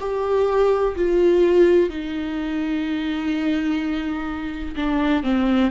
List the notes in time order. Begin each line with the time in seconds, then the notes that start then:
0.00 G4
0.96 F4
1.90 D#4
4.76 D4
5.23 C4